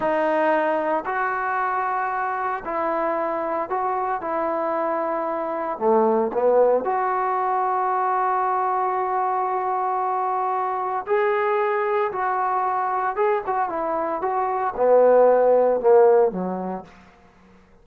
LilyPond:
\new Staff \with { instrumentName = "trombone" } { \time 4/4 \tempo 4 = 114 dis'2 fis'2~ | fis'4 e'2 fis'4 | e'2. a4 | b4 fis'2.~ |
fis'1~ | fis'4 gis'2 fis'4~ | fis'4 gis'8 fis'8 e'4 fis'4 | b2 ais4 fis4 | }